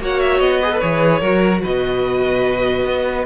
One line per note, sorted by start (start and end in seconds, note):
0.00 0.40 A#3
0.00 0.63 F#4
0.00 0.60 C#5
0.00 0.20 F#5
0.20 0.40 E5
0.40 0.81 B3
0.40 0.79 D#5
0.60 0.72 G#4
0.60 1.20 B4
0.72 0.81 A4
0.79 1.22 E3
0.79 1.22 G#4
0.79 1.61 C#5
1.20 1.62 F#3
1.20 3.26 F#4
1.20 1.61 A#4
1.63 2.86 B2
1.63 3.26 B4
1.63 3.26 D#5
2.86 3.26 B3